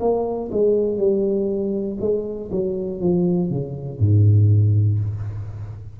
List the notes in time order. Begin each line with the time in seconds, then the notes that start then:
0.00 A#3
0.51 G#3
0.97 G3
2.00 G#3
2.51 F#3
3.00 F3
3.50 C#3
3.99 G#2